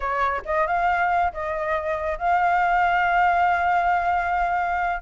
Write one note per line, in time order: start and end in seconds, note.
0.00 0.41 C#5
0.45 0.66 D#5
0.66 1.32 F5
1.33 2.18 D#5
2.18 5.02 F5